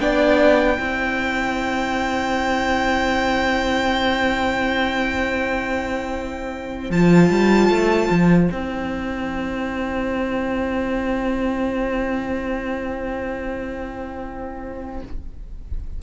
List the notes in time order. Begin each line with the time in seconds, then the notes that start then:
0.00 B3 D4 D5 G5
0.78 C4 E4 C5
6.90 F3 F4 A5
7.30 G3
7.70 A3
8.10 F3
8.48 C4 E4 G5